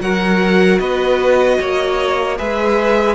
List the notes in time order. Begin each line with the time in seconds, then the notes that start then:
0.00 F#3 F#4 A#4 F#5
0.79 B3 B4 D#5
1.60 A#3 C#5
2.37 G#3 G#4 B4 E5